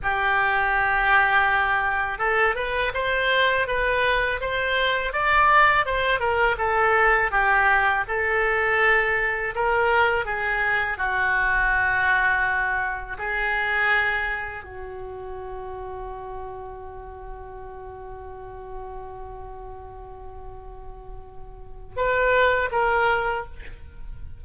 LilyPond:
\new Staff \with { instrumentName = "oboe" } { \time 4/4 \tempo 4 = 82 g'2. a'8 b'8 | c''4 b'4 c''4 d''4 | c''8 ais'8 a'4 g'4 a'4~ | a'4 ais'4 gis'4 fis'4~ |
fis'2 gis'2 | fis'1~ | fis'1~ | fis'2 b'4 ais'4 | }